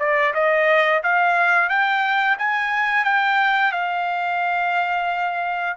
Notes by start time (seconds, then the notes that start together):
0.00 D5
0.34 D#5
1.04 F5
1.70 G5
2.39 G#5
3.05 G5
3.72 F5